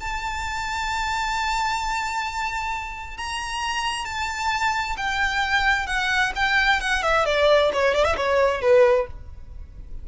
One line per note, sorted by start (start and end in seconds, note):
0.00 3.17 A5
3.17 4.05 A#5
4.05 4.96 A5
4.97 5.86 G5
5.86 6.32 F#5
6.35 6.80 G5
6.80 7.02 F#5
7.02 7.25 E5
7.25 7.71 D5
7.73 7.94 C#5
7.94 8.04 D5
8.04 8.15 E5
8.16 8.61 C#5
8.61 9.07 B4